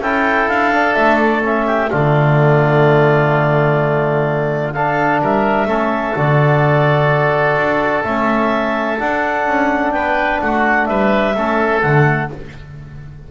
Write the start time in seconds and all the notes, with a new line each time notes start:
0.00 C#4 E4 A4 G5
0.48 D4 F5
0.74 D4
0.94 A3 E5
1.17 D5
1.42 C#4 E5
1.67 G4
1.90 D3 A3 F4 D5
4.73 D4 A4 F5
5.22 G3 A#4 E5
5.66 A3 C#4 A4
6.16 D3 F#4 D5
7.56 D4
8.04 A3 C#4 E5
8.99 D4 F#5
9.46 C#4
9.92 B3 B4 G5
10.41 A3 F#4 F#5
10.86 G3 B4 E5
11.35 A3 C#4 A4
11.82 D3 A3 F#5